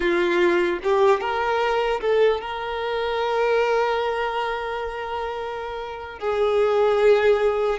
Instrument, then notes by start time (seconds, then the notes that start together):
violin
0.00 F4
0.83 G4
1.20 A#4
2.00 A4
2.40 A#4
6.19 G#4